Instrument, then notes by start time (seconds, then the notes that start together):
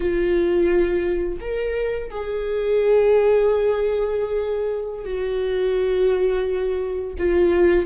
viola
0.00 F4
1.40 A#4
2.10 G#4
5.05 F#4
7.18 F4